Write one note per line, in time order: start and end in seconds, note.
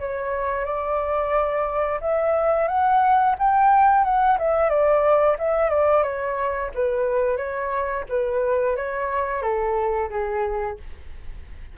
0.00 0.65 C#5
0.65 2.00 D5
2.01 2.68 E5
2.68 3.36 F#5
3.39 4.05 G5
4.05 4.39 F#5
4.39 4.70 E5
4.70 5.37 D5
5.39 5.70 E5
5.70 6.03 D5
6.03 6.71 C#5
6.75 7.37 B4
7.37 8.05 C#5
8.09 8.77 B4
8.77 9.42 C#5
9.42 10.10 A4
10.10 10.78 G#4